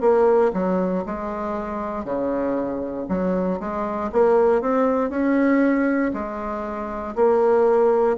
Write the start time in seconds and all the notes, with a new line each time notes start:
0.00 A#3
0.53 F#3
1.05 G#3
2.04 C#3
3.08 F#3
3.60 G#3
4.12 A#3
4.61 C4
5.10 C#4
6.13 G#3
7.15 A#3